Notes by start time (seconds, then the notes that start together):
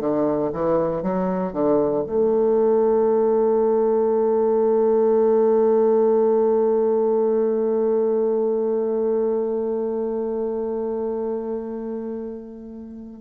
0.00 D3
0.53 E3
1.03 F#3
1.53 D3
2.07 A3